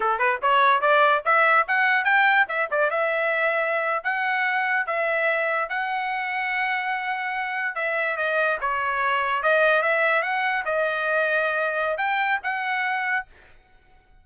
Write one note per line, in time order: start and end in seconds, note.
0.00 0.18 A4
0.18 0.39 B4
0.42 0.81 C#5
0.81 1.22 D5
1.25 1.66 E5
1.67 2.04 F#5
2.04 2.45 G5
2.48 2.69 E5
2.70 2.90 D5
2.90 4.03 E5
4.03 4.86 F#5
4.86 5.69 E5
5.69 7.75 F#5
7.75 8.16 E5
8.16 8.58 D#5
8.61 9.43 C#5
9.43 9.82 D#5
9.82 10.22 E5
10.22 10.63 F#5
10.65 11.97 D#5
11.97 12.39 G5
12.43 13.26 F#5